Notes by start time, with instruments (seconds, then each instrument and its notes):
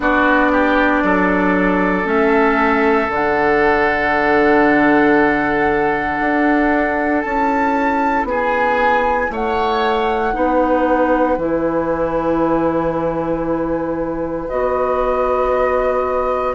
0.00 bassoon B3, clarinet D4, oboe F#4, flute D5
0.52 oboe G4
1.03 bassoon F#3, oboe A4
2.04 bassoon A3, clarinet C#4, flute E5
3.08 bassoon D3, clarinet D4, flute F#5
6.20 bassoon D4
7.21 bassoon C#4, clarinet E4, flute A5
8.23 bassoon B3, oboe G#4
8.30 flute G#5
9.30 bassoon A3, oboe C#5, flute F#5
10.33 bassoon B3, clarinet D#4, oboe B4
11.37 bassoon E3, clarinet E4, flute G#5
14.48 bassoon B3, clarinet F#4, flute D#5